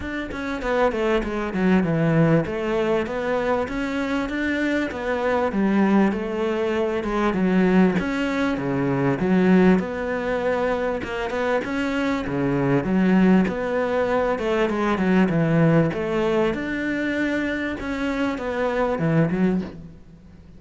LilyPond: \new Staff \with { instrumentName = "cello" } { \time 4/4 \tempo 4 = 98 d'8 cis'8 b8 a8 gis8 fis8 e4 | a4 b4 cis'4 d'4 | b4 g4 a4. gis8 | fis4 cis'4 cis4 fis4 |
b2 ais8 b8 cis'4 | cis4 fis4 b4. a8 | gis8 fis8 e4 a4 d'4~ | d'4 cis'4 b4 e8 fis8 | }